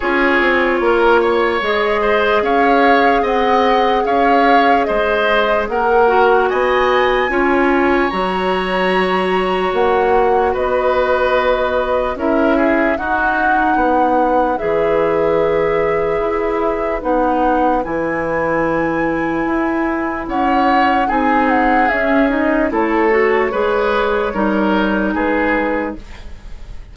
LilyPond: <<
  \new Staff \with { instrumentName = "flute" } { \time 4/4 \tempo 4 = 74 cis''2 dis''4 f''4 | fis''4 f''4 dis''4 fis''4 | gis''2 ais''2 | fis''4 dis''2 e''4 |
fis''2 e''2~ | e''4 fis''4 gis''2~ | gis''4 fis''4 gis''8 fis''8 e''8 dis''8 | cis''2. b'4 | }
  \new Staff \with { instrumentName = "oboe" } { \time 4/4 gis'4 ais'8 cis''4 c''8 cis''4 | dis''4 cis''4 c''4 ais'4 | dis''4 cis''2.~ | cis''4 b'2 ais'8 gis'8 |
fis'4 b'2.~ | b'1~ | b'4 cis''4 gis'2 | a'4 b'4 ais'4 gis'4 | }
  \new Staff \with { instrumentName = "clarinet" } { \time 4/4 f'2 gis'2~ | gis'2.~ gis'8 fis'8~ | fis'4 f'4 fis'2~ | fis'2. e'4 |
dis'2 gis'2~ | gis'4 dis'4 e'2~ | e'2 dis'4 cis'8 dis'8 | e'8 fis'8 gis'4 dis'2 | }
  \new Staff \with { instrumentName = "bassoon" } { \time 4/4 cis'8 c'8 ais4 gis4 cis'4 | c'4 cis'4 gis4 ais4 | b4 cis'4 fis2 | ais4 b2 cis'4 |
dis'4 b4 e2 | e'4 b4 e2 | e'4 cis'4 c'4 cis'4 | a4 gis4 g4 gis4 | }
>>